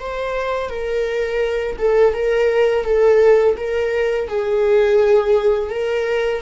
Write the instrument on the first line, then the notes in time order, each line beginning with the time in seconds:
viola
0.00 C5
0.70 A#4
1.79 A4
2.14 A#4
2.85 A4
3.57 A#4
4.28 G#4
5.70 A#4